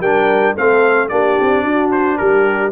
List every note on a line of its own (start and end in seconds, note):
0.00 0.54 G3
0.00 0.57 D4
0.00 0.55 A#4
0.00 0.56 G5
0.55 1.12 A3
0.55 1.10 C4
0.55 1.09 A4
0.55 1.09 F5
1.09 1.39 A#3
1.09 2.72 D4
1.09 1.64 G4
1.09 1.90 D5
1.41 1.64 C4
1.64 2.18 D4
1.64 2.18 F#4
1.91 2.18 C5
2.18 2.72 G3
2.18 2.72 G4
2.18 2.72 A#4